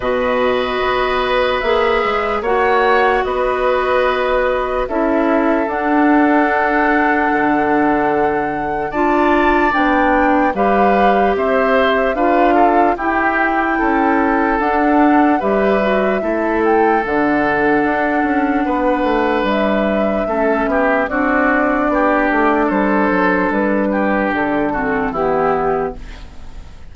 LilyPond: <<
  \new Staff \with { instrumentName = "flute" } { \time 4/4 \tempo 4 = 74 dis''2 e''4 fis''4 | dis''2 e''4 fis''4~ | fis''2. a''4 | g''4 f''4 e''4 f''4 |
g''2 fis''4 e''4~ | e''8 g''8 fis''2. | e''2 d''2 | c''4 b'4 a'4 g'4 | }
  \new Staff \with { instrumentName = "oboe" } { \time 4/4 b'2. cis''4 | b'2 a'2~ | a'2. d''4~ | d''4 b'4 c''4 b'8 a'8 |
g'4 a'2 b'4 | a'2. b'4~ | b'4 a'8 g'8 fis'4 g'4 | a'4. g'4 fis'8 e'4 | }
  \new Staff \with { instrumentName = "clarinet" } { \time 4/4 fis'2 gis'4 fis'4~ | fis'2 e'4 d'4~ | d'2. f'4 | d'4 g'2 f'4 |
e'2 d'4 g'8 fis'8 | e'4 d'2.~ | d'4 cis'4 d'2~ | d'2~ d'8 c'8 b4 | }
  \new Staff \with { instrumentName = "bassoon" } { \time 4/4 b,4 b4 ais8 gis8 ais4 | b2 cis'4 d'4~ | d'4 d2 d'4 | b4 g4 c'4 d'4 |
e'4 cis'4 d'4 g4 | a4 d4 d'8 cis'8 b8 a8 | g4 a8 b8 c'4 b8 a8 | g8 fis8 g4 d4 e4 | }
>>